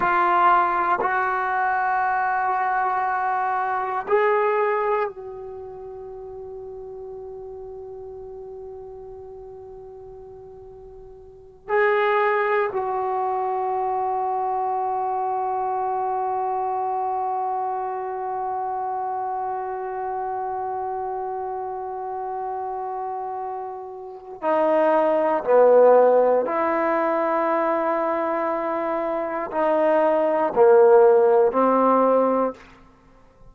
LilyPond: \new Staff \with { instrumentName = "trombone" } { \time 4/4 \tempo 4 = 59 f'4 fis'2. | gis'4 fis'2.~ | fis'2.~ fis'8 gis'8~ | gis'8 fis'2.~ fis'8~ |
fis'1~ | fis'1 | dis'4 b4 e'2~ | e'4 dis'4 ais4 c'4 | }